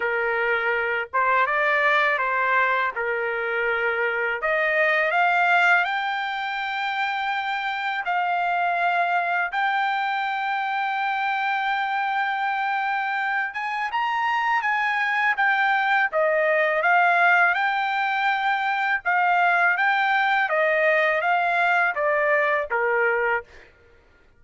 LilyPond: \new Staff \with { instrumentName = "trumpet" } { \time 4/4 \tempo 4 = 82 ais'4. c''8 d''4 c''4 | ais'2 dis''4 f''4 | g''2. f''4~ | f''4 g''2.~ |
g''2~ g''8 gis''8 ais''4 | gis''4 g''4 dis''4 f''4 | g''2 f''4 g''4 | dis''4 f''4 d''4 ais'4 | }